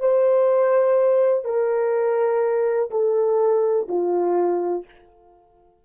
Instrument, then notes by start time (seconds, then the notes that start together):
horn
0.00 C5
1.45 A#4
2.91 A4
3.88 F4